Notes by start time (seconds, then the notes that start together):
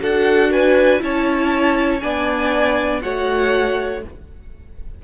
0.00 D4 F#4 A4 F#5
0.51 B4 G#5
0.99 C#4 E4 C#5 A5
2.00 B3 D4 D5 G#5
3.01 A3 F#4 C#5 F#5